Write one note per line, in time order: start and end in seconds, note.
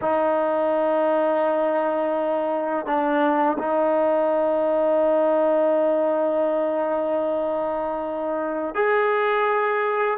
0.01 2.86 D#4
2.86 3.57 D4
3.58 8.75 D#4
8.75 10.18 G#4